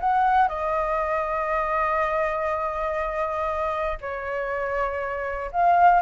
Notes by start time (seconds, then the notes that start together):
0.00 F#5
0.48 D#5
4.01 C#5
5.52 F5